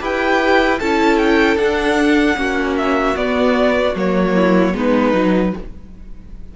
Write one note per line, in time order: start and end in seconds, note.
0.00 0.80 E4
0.00 0.79 G4
0.00 0.79 B4
0.00 0.79 G5
0.79 1.56 C#4
0.79 1.58 E4
0.79 2.37 A4
0.79 1.18 A5
1.18 1.57 G5
1.56 2.35 D4
1.56 2.37 D4
1.56 2.76 F#5
2.37 3.16 A#3
2.37 3.15 C#4
2.37 4.34 F#4
2.77 3.16 E5
3.16 3.95 B3
3.16 3.95 D5
3.95 4.74 F#3
3.95 4.74 A#3
3.95 4.76 C#5
4.34 4.74 E4
4.74 5.13 G#3
4.74 5.13 B3
4.74 5.55 D#4
4.74 5.56 B4
5.13 5.53 F#3
5.13 5.54 D#4